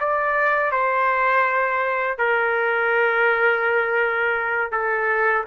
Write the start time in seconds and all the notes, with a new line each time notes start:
0.00 D5
0.72 C5
2.18 A#4
4.72 A4